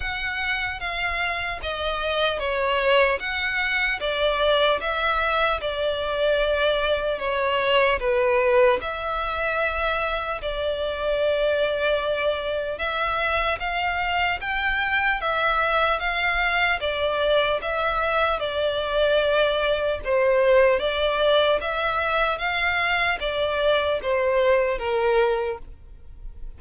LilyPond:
\new Staff \with { instrumentName = "violin" } { \time 4/4 \tempo 4 = 75 fis''4 f''4 dis''4 cis''4 | fis''4 d''4 e''4 d''4~ | d''4 cis''4 b'4 e''4~ | e''4 d''2. |
e''4 f''4 g''4 e''4 | f''4 d''4 e''4 d''4~ | d''4 c''4 d''4 e''4 | f''4 d''4 c''4 ais'4 | }